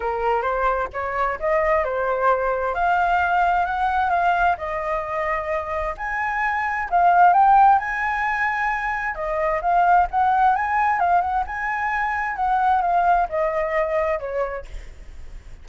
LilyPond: \new Staff \with { instrumentName = "flute" } { \time 4/4 \tempo 4 = 131 ais'4 c''4 cis''4 dis''4 | c''2 f''2 | fis''4 f''4 dis''2~ | dis''4 gis''2 f''4 |
g''4 gis''2. | dis''4 f''4 fis''4 gis''4 | f''8 fis''8 gis''2 fis''4 | f''4 dis''2 cis''4 | }